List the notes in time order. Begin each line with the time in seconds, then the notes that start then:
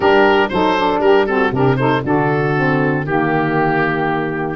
0.00 G3 D4 G4 A#4
0.49 F#3 D#4 A4 C5
0.77 D4
0.99 G3 G4 A#4
1.26 C4 F#4 A4
1.51 C3 D4 G4 A#4
1.76 D#4 A4 C5
2.03 D3 D4 F#4 A4
2.55 C4
3.04 D#3 A#3 G4